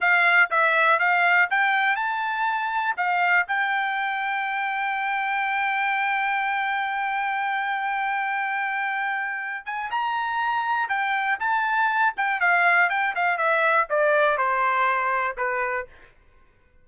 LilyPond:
\new Staff \with { instrumentName = "trumpet" } { \time 4/4 \tempo 4 = 121 f''4 e''4 f''4 g''4 | a''2 f''4 g''4~ | g''1~ | g''1~ |
g''2.~ g''8 gis''8 | ais''2 g''4 a''4~ | a''8 g''8 f''4 g''8 f''8 e''4 | d''4 c''2 b'4 | }